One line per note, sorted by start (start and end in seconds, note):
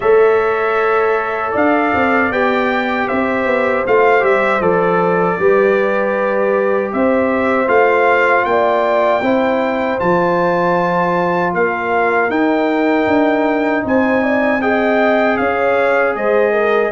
0.00 1.53 A3
0.00 2.31 A4
0.00 1.51 C#5
0.00 1.53 E5
1.51 1.93 D4
1.51 3.05 D5
1.51 2.31 F5
1.94 2.30 C4
2.30 3.07 B3
2.30 3.85 G4
2.30 3.08 G5
3.07 3.45 C4
3.07 5.38 C5
3.07 3.84 E5
3.45 3.83 B3
3.86 4.23 A3
3.86 4.20 F4
3.86 4.24 F5
4.20 4.60 G3
4.20 4.58 G4
4.20 4.61 E5
4.60 5.37 F3
4.60 5.38 A4
4.60 6.92 D5
5.38 6.92 G3
5.38 7.67 G4
5.38 6.93 B4
6.92 7.67 C4
6.92 8.46 C5
6.92 7.68 E5
7.67 8.44 A3
7.67 9.21 F4
7.67 8.45 F5
8.45 9.22 A#3
8.45 9.23 D5
8.45 9.98 G5
9.22 9.99 C4
9.22 9.98 E4
9.22 11.54 C5
9.98 11.53 F3
9.98 12.29 F4
9.98 11.53 A5
11.53 12.29 A#3
11.53 13.85 A#4
11.53 12.30 F5
12.29 13.06 D#4
12.29 14.60 D#4
12.29 13.84 G5
13.07 13.83 D4
13.84 15.38 C4
13.84 14.22 C5
13.84 14.61 G#5
14.22 14.61 D5
14.61 16.92 G#4
14.61 15.38 D#5
14.61 15.37 G5
15.37 16.15 C#4
15.37 16.16 C#5
15.37 16.14 F5
16.15 16.92 G#3
16.15 16.52 C5
16.15 16.92 D#5
16.52 16.90 A#4